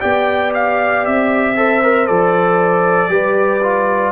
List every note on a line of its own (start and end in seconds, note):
0.00 1.06 B3
0.00 1.55 G4
0.00 1.56 D5
0.00 0.52 G5
0.54 1.05 F5
1.05 2.09 C4
1.05 2.07 E5
1.56 1.82 A4
1.56 3.11 C5
1.83 2.08 A#4
2.07 3.09 F3
2.07 3.09 A4
2.07 4.12 D5
3.09 4.12 G3
3.09 3.61 G4
3.09 4.12 B4
3.63 4.12 F4